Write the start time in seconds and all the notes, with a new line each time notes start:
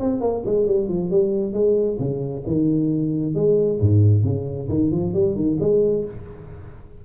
0.00 C4
0.21 A#3
0.46 G#3
0.67 G3
0.88 F3
1.10 G3
1.53 G#3
1.99 C#3
2.46 D#3
3.35 G#3
3.80 G#2
4.24 C#3
4.69 D#3
4.91 F3
5.14 G3
5.35 D#3
5.60 G#3